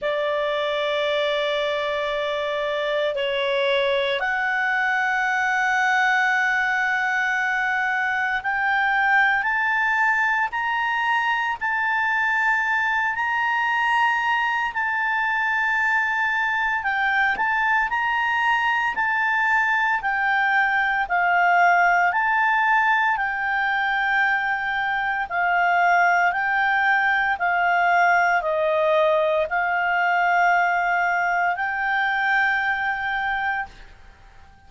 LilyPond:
\new Staff \with { instrumentName = "clarinet" } { \time 4/4 \tempo 4 = 57 d''2. cis''4 | fis''1 | g''4 a''4 ais''4 a''4~ | a''8 ais''4. a''2 |
g''8 a''8 ais''4 a''4 g''4 | f''4 a''4 g''2 | f''4 g''4 f''4 dis''4 | f''2 g''2 | }